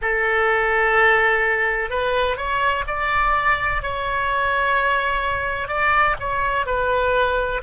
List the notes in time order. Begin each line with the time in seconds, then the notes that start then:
0.01 A4
1.90 B4
2.36 C#5
2.87 D5
3.82 C#5
5.68 D5
6.19 C#5
6.66 B4